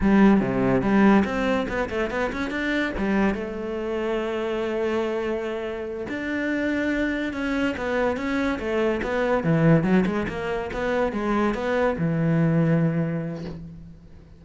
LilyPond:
\new Staff \with { instrumentName = "cello" } { \time 4/4 \tempo 4 = 143 g4 c4 g4 c'4 | b8 a8 b8 cis'8 d'4 g4 | a1~ | a2~ a8 d'4.~ |
d'4. cis'4 b4 cis'8~ | cis'8 a4 b4 e4 fis8 | gis8 ais4 b4 gis4 b8~ | b8 e2.~ e8 | }